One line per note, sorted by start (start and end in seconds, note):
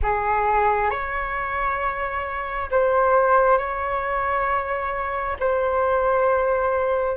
0.02 0.90 G#4
0.90 2.69 C#5
2.70 3.57 C5
3.57 5.36 C#5
5.39 7.16 C5